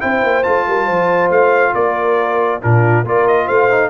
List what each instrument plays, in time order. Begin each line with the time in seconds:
0.00 tuba C4, trombone E4, horn C5, trumpet G5
0.23 tuba A#3
0.44 tuba A3, trombone F4, trumpet A5
0.67 tuba G3, horn A#4
0.86 tuba F3, horn C5
1.30 tuba A3, trumpet F5
1.75 tuba A#3, horn A#4, trumpet D5
2.62 tuba A#2, trombone D4, horn F4, trumpet A#4
3.04 tuba A#3, trombone F4, horn A#4, trumpet D5
3.28 trumpet D#5
3.46 tuba A3, horn C5, trumpet F5
3.71 trombone D#4